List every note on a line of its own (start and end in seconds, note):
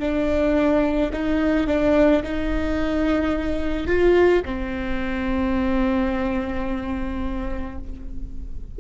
0.00 1.11 D4
1.13 1.68 D#4
1.68 2.23 D4
2.24 3.87 D#4
3.87 4.43 F4
4.45 7.79 C4